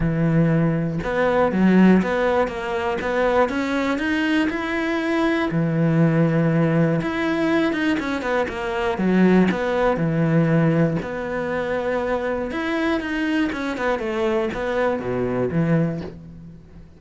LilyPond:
\new Staff \with { instrumentName = "cello" } { \time 4/4 \tempo 4 = 120 e2 b4 fis4 | b4 ais4 b4 cis'4 | dis'4 e'2 e4~ | e2 e'4. dis'8 |
cis'8 b8 ais4 fis4 b4 | e2 b2~ | b4 e'4 dis'4 cis'8 b8 | a4 b4 b,4 e4 | }